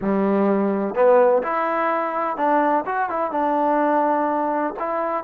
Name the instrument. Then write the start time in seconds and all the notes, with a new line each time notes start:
trombone
0.01 G3
0.94 B3
1.43 E4
2.36 D4
2.85 F#4
3.09 E4
3.31 D4
4.79 E4